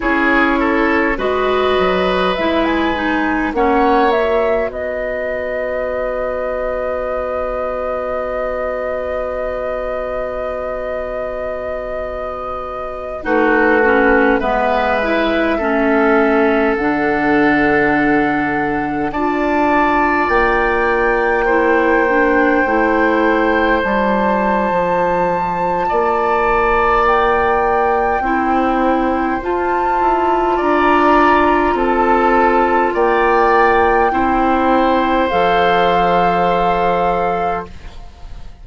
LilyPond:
<<
  \new Staff \with { instrumentName = "flute" } { \time 4/4 \tempo 4 = 51 cis''4 dis''4 e''16 gis''8. fis''8 e''8 | dis''1~ | dis''2.~ dis''16 b'8.~ | b'16 e''2 fis''4.~ fis''16~ |
fis''16 a''4 g''2~ g''8.~ | g''16 a''2~ a''8. g''4~ | g''4 a''4 ais''4 a''4 | g''2 f''2 | }
  \new Staff \with { instrumentName = "oboe" } { \time 4/4 gis'8 a'8 b'2 cis''4 | b'1~ | b'2.~ b'16 fis'8.~ | fis'16 b'4 a'2~ a'8.~ |
a'16 d''2 c''4.~ c''16~ | c''2 d''2 | c''2 d''4 a'4 | d''4 c''2. | }
  \new Staff \with { instrumentName = "clarinet" } { \time 4/4 e'4 fis'4 e'8 dis'8 cis'8 fis'8~ | fis'1~ | fis'2.~ fis'16 dis'8 cis'16~ | cis'16 b8 e'8 cis'4 d'4.~ d'16~ |
d'16 f'2 e'8 d'8 e'8.~ | e'16 f'2.~ f'8. | e'4 f'2.~ | f'4 e'4 a'2 | }
  \new Staff \with { instrumentName = "bassoon" } { \time 4/4 cis'4 gis8 fis8 gis4 ais4 | b1~ | b2.~ b16 a8.~ | a16 gis4 a4 d4.~ d16~ |
d16 d'4 ais2 a8.~ | a16 g8. f4 ais2 | c'4 f'8 e'8 d'4 c'4 | ais4 c'4 f2 | }
>>